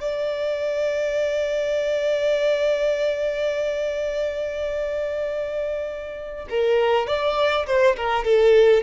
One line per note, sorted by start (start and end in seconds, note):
0.00 6.47 D5
6.49 7.07 A#4
7.07 7.66 D5
7.66 7.95 C5
7.96 8.24 A#4
8.24 8.83 A4